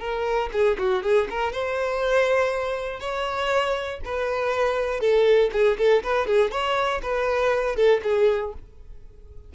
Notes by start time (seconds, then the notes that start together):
0.00 A#4
0.53 G#4
0.79 F#4
1.03 G#4
1.30 A#4
1.53 C5
3.00 C#5
4.05 B4
5.01 A4
5.53 G#4
5.78 A4
6.04 B4
6.27 G#4
6.52 C#5
7.03 B4
7.76 A4
8.04 G#4